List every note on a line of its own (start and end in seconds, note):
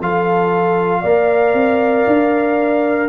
0.00 1.03 F3
0.00 1.05 F4
0.00 1.01 A4
0.00 3.09 F5
1.01 1.54 A#3
1.01 3.09 A#4
1.01 3.08 D5
1.54 2.05 C4
2.07 3.09 D4